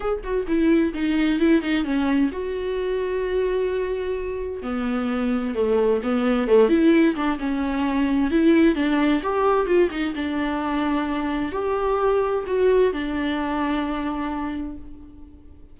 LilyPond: \new Staff \with { instrumentName = "viola" } { \time 4/4 \tempo 4 = 130 gis'8 fis'8 e'4 dis'4 e'8 dis'8 | cis'4 fis'2.~ | fis'2 b2 | a4 b4 a8 e'4 d'8 |
cis'2 e'4 d'4 | g'4 f'8 dis'8 d'2~ | d'4 g'2 fis'4 | d'1 | }